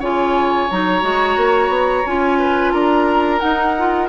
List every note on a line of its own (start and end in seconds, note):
0.00 0.69 C#3
0.00 0.70 F4
0.00 2.39 C#5
0.00 0.71 G#5
0.71 1.03 F#3
0.71 1.02 D#4
0.71 2.07 A#5
1.02 1.37 G#3
1.02 2.04 F#4
1.37 1.69 A#3
1.69 2.03 B3
2.06 2.73 C#4
2.06 3.40 F4
2.06 2.72 G#5
2.39 2.73 B4
2.72 3.41 D4
2.72 4.09 A#4
2.72 3.40 A#5
3.40 3.74 D#4
3.40 4.09 D#4
3.40 4.08 F#5
3.78 4.09 F4